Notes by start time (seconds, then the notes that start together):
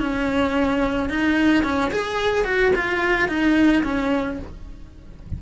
0.00 C#4
1.10 D#4
1.64 C#4
1.92 G#4
2.45 F#4
2.75 F4
3.28 D#4
3.84 C#4